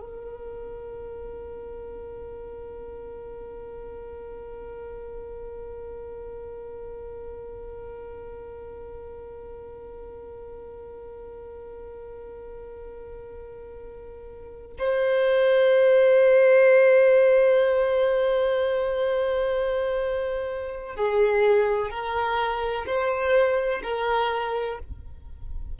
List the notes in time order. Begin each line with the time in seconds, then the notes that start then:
0.00 A#4
14.78 C5
20.96 G#4
21.90 A#4
22.86 C5
23.83 A#4